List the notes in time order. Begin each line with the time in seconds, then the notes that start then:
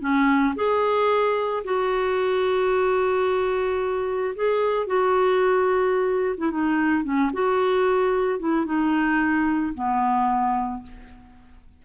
0.00 C#4
0.55 G#4
1.64 F#4
4.35 G#4
4.86 F#4
6.37 E4
6.51 D#4
7.04 C#4
7.33 F#4
8.39 E4
8.65 D#4
9.74 B3